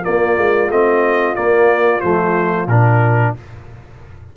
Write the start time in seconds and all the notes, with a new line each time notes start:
0.00 A#3 F4 D5
0.07 A#3
0.38 G#3
0.69 A3 C4 D#5
1.35 A#3 D5
2.00 F3 A3 C5
2.67 A#2 D4 A#4